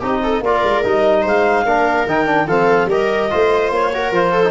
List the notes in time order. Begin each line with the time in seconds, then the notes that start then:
0.00 C4 D#4 G4 D#5
0.24 A4
0.41 A#3 F4 A#4 D5
0.64 G#3
0.84 G3 D#4 D#5
1.22 G#3 C5 F5
1.65 A#3 D4 A#4
2.07 D#3 D#4 G5
2.27 D4
2.47 F3 C4 A4 F5
2.86 G3 G4 A#4 D#5
3.31 A3 F4 C5
3.71 A#3 C#5
3.94 F#4 A#4
4.12 F3 F4 C5
4.33 A4
4.45 D#4